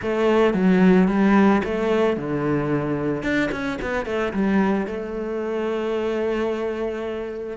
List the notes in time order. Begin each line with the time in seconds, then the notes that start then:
0.02 A3
0.53 F#3
1.08 G3
1.64 A3
2.16 D3
3.22 D4
3.51 C#4
3.81 B3
4.05 A3
4.33 G3
4.86 A3